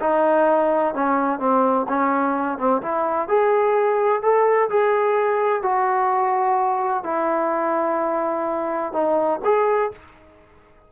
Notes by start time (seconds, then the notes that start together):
0.00 D#4
0.94 C#4
1.39 C4
1.88 C#4
2.58 C4
2.82 E4
3.28 G#4
4.22 A4
4.69 G#4
5.62 F#4
7.04 E4
8.92 D#4
9.44 G#4